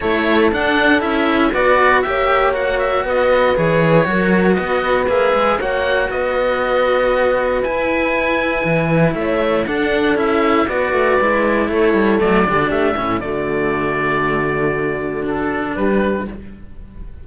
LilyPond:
<<
  \new Staff \with { instrumentName = "oboe" } { \time 4/4 \tempo 4 = 118 cis''4 fis''4 e''4 d''4 | e''4 fis''8 e''8 dis''4 cis''4~ | cis''4 dis''4 e''4 fis''4 | dis''2. gis''4~ |
gis''2 e''4 fis''4 | e''4 d''2 cis''4 | d''4 e''4 d''2~ | d''2 a'4 b'4 | }
  \new Staff \with { instrumentName = "horn" } { \time 4/4 a'2. b'4 | cis''2 b'2 | ais'4 b'2 cis''4 | b'1~ |
b'2 cis''4 a'4~ | a'4 b'2 a'4~ | a'8 g'16 fis'16 g'8 e'8 fis'2~ | fis'2. g'4 | }
  \new Staff \with { instrumentName = "cello" } { \time 4/4 e'4 d'4 e'4 fis'4 | g'4 fis'2 gis'4 | fis'2 gis'4 fis'4~ | fis'2. e'4~ |
e'2. d'4 | e'4 fis'4 e'2 | a8 d'4 cis'8 a2~ | a2 d'2 | }
  \new Staff \with { instrumentName = "cello" } { \time 4/4 a4 d'4 cis'4 b4 | ais2 b4 e4 | fis4 b4 ais8 gis8 ais4 | b2. e'4~ |
e'4 e4 a4 d'4 | cis'4 b8 a8 gis4 a8 g8 | fis8 d8 a8 a,8 d2~ | d2. g4 | }
>>